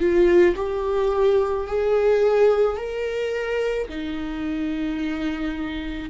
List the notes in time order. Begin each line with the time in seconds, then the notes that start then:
0.00 F4
0.56 G4
1.68 G#4
2.78 A#4
3.89 D#4